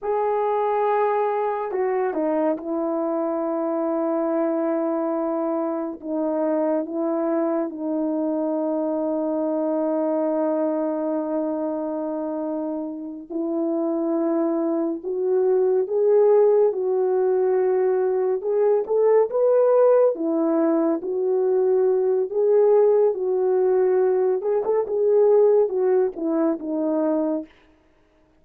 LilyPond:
\new Staff \with { instrumentName = "horn" } { \time 4/4 \tempo 4 = 70 gis'2 fis'8 dis'8 e'4~ | e'2. dis'4 | e'4 dis'2.~ | dis'2.~ dis'8 e'8~ |
e'4. fis'4 gis'4 fis'8~ | fis'4. gis'8 a'8 b'4 e'8~ | e'8 fis'4. gis'4 fis'4~ | fis'8 gis'16 a'16 gis'4 fis'8 e'8 dis'4 | }